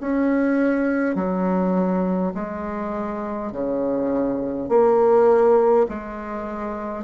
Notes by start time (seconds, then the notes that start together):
0.00 C#4
1.15 F#3
2.34 G#3
3.51 C#3
4.68 A#3
5.89 G#3